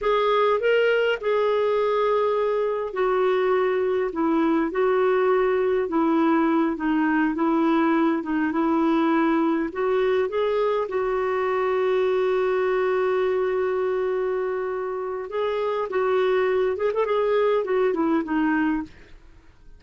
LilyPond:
\new Staff \with { instrumentName = "clarinet" } { \time 4/4 \tempo 4 = 102 gis'4 ais'4 gis'2~ | gis'4 fis'2 e'4 | fis'2 e'4. dis'8~ | dis'8 e'4. dis'8 e'4.~ |
e'8 fis'4 gis'4 fis'4.~ | fis'1~ | fis'2 gis'4 fis'4~ | fis'8 gis'16 a'16 gis'4 fis'8 e'8 dis'4 | }